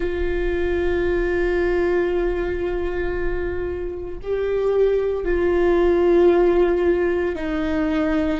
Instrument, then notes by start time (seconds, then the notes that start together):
viola
0.00 F4
4.22 G4
5.24 F4
7.35 D#4